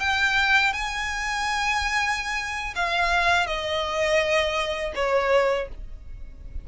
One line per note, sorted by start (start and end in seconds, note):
0.00 0.73 G5
0.73 2.74 G#5
2.76 3.47 F5
3.47 4.93 D#5
4.95 5.68 C#5